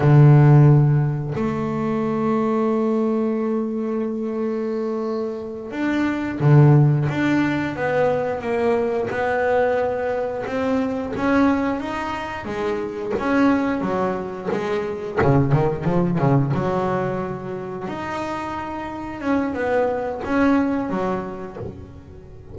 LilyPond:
\new Staff \with { instrumentName = "double bass" } { \time 4/4 \tempo 4 = 89 d2 a2~ | a1~ | a8 d'4 d4 d'4 b8~ | b8 ais4 b2 c'8~ |
c'8 cis'4 dis'4 gis4 cis'8~ | cis'8 fis4 gis4 cis8 dis8 f8 | cis8 fis2 dis'4.~ | dis'8 cis'8 b4 cis'4 fis4 | }